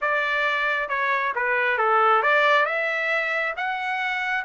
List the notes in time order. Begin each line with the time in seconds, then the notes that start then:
0.01 D5
0.88 C#5
1.35 B4
1.77 A4
2.22 D5
2.65 E5
3.56 F#5